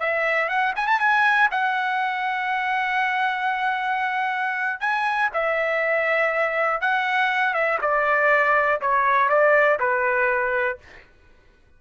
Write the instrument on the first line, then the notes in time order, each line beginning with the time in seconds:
trumpet
0.00 E5
0.49 F#5
0.76 G#5
0.87 A5
1.00 G#5
1.51 F#5
4.81 G#5
5.34 E5
6.81 F#5
7.54 E5
7.82 D5
8.82 C#5
9.30 D5
9.80 B4